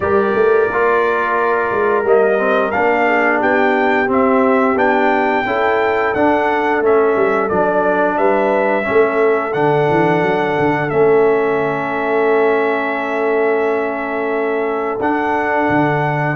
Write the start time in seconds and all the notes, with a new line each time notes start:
0.00 G3 G4 A#4 D5
0.35 A3
0.68 A#3 F4
1.71 G#3
2.04 G3 A#3 D#5
2.37 C4
2.71 A#3 D4 F5
3.06 G#4
3.40 B3 G4 G5
4.06 C4 E5
4.75 B3 D4 G5
5.45 C#4 E4 A4
6.14 D4 F#5
6.80 A3 C#4 E5
7.16 G3
7.49 F#3 D4 D5
8.17 G3 B4 E5
8.83 A3 C#4
8.89 A4
9.53 D3 D4 F#5
9.90 E3
10.21 F#3
10.58 D3
10.89 A3 C#4 E5
15.00 D4 F#5
15.69 D3